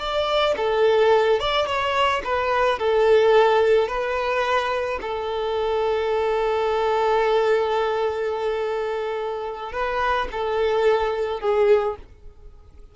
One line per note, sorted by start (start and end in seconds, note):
0.00 0.56 D5
0.57 1.40 A4
1.40 1.67 D5
1.67 2.22 C#5
2.24 2.79 B4
2.79 3.89 A4
3.89 5.00 B4
5.02 9.73 A4
9.73 10.29 B4
10.32 11.41 A4
11.41 11.96 G#4